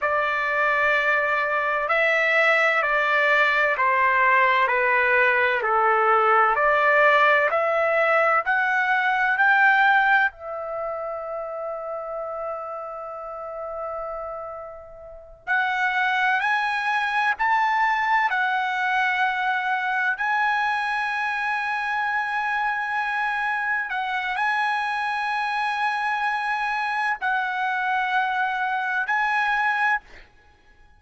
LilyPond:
\new Staff \with { instrumentName = "trumpet" } { \time 4/4 \tempo 4 = 64 d''2 e''4 d''4 | c''4 b'4 a'4 d''4 | e''4 fis''4 g''4 e''4~ | e''1~ |
e''8 fis''4 gis''4 a''4 fis''8~ | fis''4. gis''2~ gis''8~ | gis''4. fis''8 gis''2~ | gis''4 fis''2 gis''4 | }